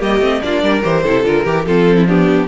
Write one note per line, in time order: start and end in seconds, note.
0.00 0.20 G3
0.00 0.21 A#3
0.00 0.41 G4
0.00 0.42 D#5
0.20 0.41 A3
0.20 0.41 C4
0.42 0.63 A#3
0.42 0.83 D4
0.42 0.62 F4
0.42 0.84 D5
0.62 0.84 G3
0.62 1.04 A#4
0.83 1.05 E3
0.83 1.03 G4
0.83 1.26 C5
1.04 1.24 C3
1.04 1.24 E4
1.04 1.45 A4
1.24 1.45 D3
1.24 1.45 F4
1.24 1.66 A#4
1.45 1.66 E3
1.45 1.66 G4
1.45 1.67 G4
1.66 2.48 F3
1.66 2.08 C4
1.66 1.97 F4
1.66 2.07 A4
1.97 2.07 E4
2.07 2.48 B3
2.07 2.48 D4
2.07 2.48 G4